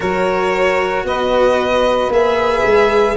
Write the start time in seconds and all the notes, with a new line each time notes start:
0.00 F#3 F#4 A#4 C#5
1.04 B3 B4 D#5
2.09 A#3 G#4 E5
2.65 G#3